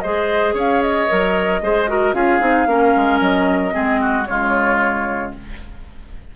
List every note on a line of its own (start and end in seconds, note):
0.00 0.54 G#3
0.00 1.09 G#4
0.00 0.54 C5
0.00 0.53 D#5
0.54 1.07 C#4
0.54 1.61 C#5
0.54 0.82 F5
0.82 2.14 D#5
1.09 1.62 F#3
1.09 1.62 A#4
1.62 2.13 G#3
1.62 1.88 G#4
1.62 1.90 C5
1.88 2.14 F#4
1.88 2.15 A#4
2.13 2.40 C#4
2.13 2.40 F4
2.13 2.68 G#4
2.13 3.20 F5
2.40 2.67 C4
2.40 2.67 D#4
2.67 2.93 A#3
2.67 3.71 C#4
2.67 3.74 A#4
2.96 3.21 G#3
3.21 3.74 F#3
3.21 4.26 D#5
3.71 4.28 G#3
3.71 4.24 C4
3.71 4.01 G#4
4.01 4.28 F#4
4.26 5.34 C#3
4.26 5.34 G#3
4.26 5.36 F4
4.26 5.32 C#5